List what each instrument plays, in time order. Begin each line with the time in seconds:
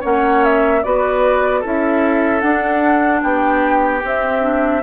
0.00 bassoon A#3, clarinet C#4, oboe C#5, flute F#5
0.44 flute E5
0.83 bassoon B3, clarinet F#4, oboe B4, flute D5
1.60 bassoon C#4, clarinet E4, oboe A4
1.66 flute E5
2.41 clarinet D4, bassoon D4, flute F#5
3.23 bassoon B3, oboe G4, flute G5
4.02 clarinet C4, bassoon C4, flute E5
4.41 clarinet D4